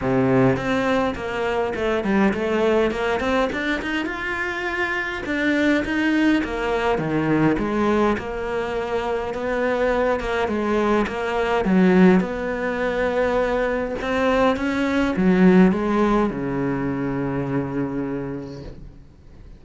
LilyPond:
\new Staff \with { instrumentName = "cello" } { \time 4/4 \tempo 4 = 103 c4 c'4 ais4 a8 g8 | a4 ais8 c'8 d'8 dis'8 f'4~ | f'4 d'4 dis'4 ais4 | dis4 gis4 ais2 |
b4. ais8 gis4 ais4 | fis4 b2. | c'4 cis'4 fis4 gis4 | cis1 | }